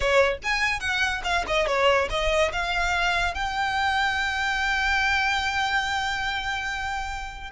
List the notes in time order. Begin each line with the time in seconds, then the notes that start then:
0.00 C#5
0.43 G#5
0.79 F#5
1.23 F5
1.47 D#5
1.66 C#5
2.10 D#5
2.52 F5
3.34 G5